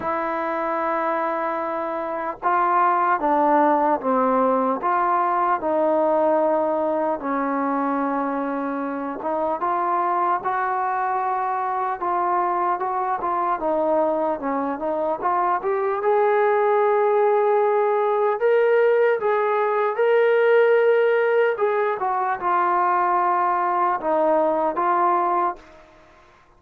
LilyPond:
\new Staff \with { instrumentName = "trombone" } { \time 4/4 \tempo 4 = 75 e'2. f'4 | d'4 c'4 f'4 dis'4~ | dis'4 cis'2~ cis'8 dis'8 | f'4 fis'2 f'4 |
fis'8 f'8 dis'4 cis'8 dis'8 f'8 g'8 | gis'2. ais'4 | gis'4 ais'2 gis'8 fis'8 | f'2 dis'4 f'4 | }